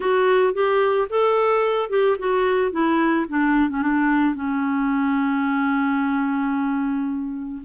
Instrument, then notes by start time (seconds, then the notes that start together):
clarinet
0.00 F#4
0.53 G4
1.09 A4
1.89 G4
2.18 F#4
2.71 E4
3.29 D4
3.69 C#4
3.82 D4
4.35 C#4